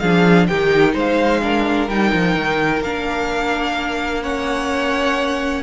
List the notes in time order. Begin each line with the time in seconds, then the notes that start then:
0.00 F3 D4 G#4 F5
0.47 D#3 D#4 G4 G5
0.94 G#3 C5 F5
1.42 D4 A#4
1.88 G3 D#4 G5
2.13 F3
2.36 D#3
2.81 A#3 D4 F5
4.22 C#4 C#5 F#5